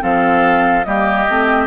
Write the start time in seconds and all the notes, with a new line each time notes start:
0.00 F3 C4 A4 F5
0.84 G3 A#3 G4 D#5
1.29 A3 C4